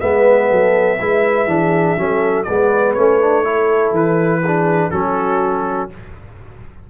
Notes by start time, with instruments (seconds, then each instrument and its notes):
0.00 tuba G#3, trombone B3, horn B4, trumpet E5
0.49 tuba F#3, horn A4
1.01 tuba G#3, trombone E4, horn B4
1.46 tuba E3, trombone D4, horn G#4
1.97 tuba F#3, trombone C#4, horn A4
2.44 tuba G#3, trombone B3, horn B4, trumpet D5
2.94 tuba A3, trombone C#4, trumpet C#5
3.21 trombone D4
3.44 trombone E4, horn A4
3.92 tuba E3, trumpet B4
4.41 horn G#4
4.47 trombone D4
4.91 tuba F#3, trombone C#4, horn F#4, trumpet A4